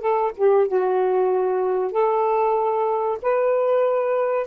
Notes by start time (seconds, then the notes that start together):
0.00 A4
0.37 G4
0.67 F#4
1.91 A4
3.22 B4